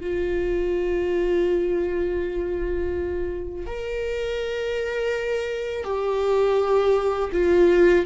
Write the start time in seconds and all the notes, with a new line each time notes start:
0.00 F4
3.66 A#4
5.84 G4
7.32 F4